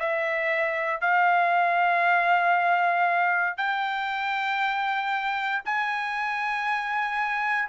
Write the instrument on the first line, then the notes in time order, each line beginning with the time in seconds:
trumpet
0.00 E5
1.01 F5
3.58 G5
5.65 G#5